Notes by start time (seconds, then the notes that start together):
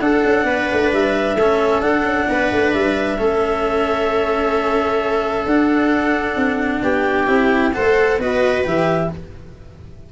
0.00 D4 A4 F#5
0.25 C#4
0.44 B3 B4
0.72 A3
0.92 G3 E5
1.35 A3 C#4 A4
1.81 D4 F#5
2.03 C#4
2.29 B3 B4
2.51 A3
2.73 G3 E5
3.18 A3 C#4 A4
5.46 D4 F#5
6.36 C4
6.83 B3 G4 G5
7.27 C4 E4
7.73 A3 A4 C5 F#5
8.18 B3 F#4 B4 D#5
8.64 E3 G4 E5